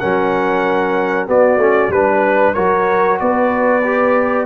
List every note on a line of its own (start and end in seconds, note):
0.00 1.29 F#3
0.00 1.27 C#4
0.00 1.28 A#4
0.00 1.28 F#5
1.27 1.59 B3
1.27 1.57 B3
1.27 1.92 F#4
1.27 1.92 D5
1.57 1.89 A3
1.57 1.93 C#4
1.89 2.53 G3
1.89 2.55 D4
1.89 2.55 B4
2.55 3.21 F#3
2.55 3.83 F#4
2.55 3.19 A#4
2.55 3.18 C#5
3.20 4.46 B3
3.20 4.46 B4
3.20 4.46 D5
3.85 4.46 G4